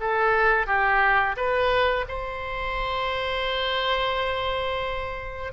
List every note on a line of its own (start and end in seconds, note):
0.00 0.66 A4
0.66 1.35 G4
1.36 2.05 B4
2.08 5.53 C5